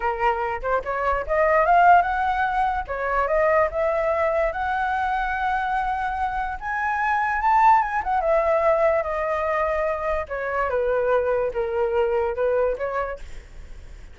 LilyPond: \new Staff \with { instrumentName = "flute" } { \time 4/4 \tempo 4 = 146 ais'4. c''8 cis''4 dis''4 | f''4 fis''2 cis''4 | dis''4 e''2 fis''4~ | fis''1 |
gis''2 a''4 gis''8 fis''8 | e''2 dis''2~ | dis''4 cis''4 b'2 | ais'2 b'4 cis''4 | }